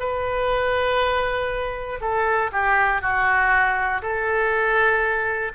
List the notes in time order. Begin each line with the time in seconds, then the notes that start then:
0.00 B4
2.01 A4
2.52 G4
3.02 F#4
4.02 A4